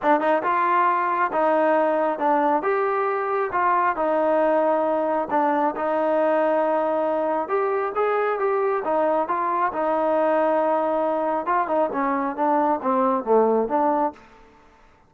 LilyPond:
\new Staff \with { instrumentName = "trombone" } { \time 4/4 \tempo 4 = 136 d'8 dis'8 f'2 dis'4~ | dis'4 d'4 g'2 | f'4 dis'2. | d'4 dis'2.~ |
dis'4 g'4 gis'4 g'4 | dis'4 f'4 dis'2~ | dis'2 f'8 dis'8 cis'4 | d'4 c'4 a4 d'4 | }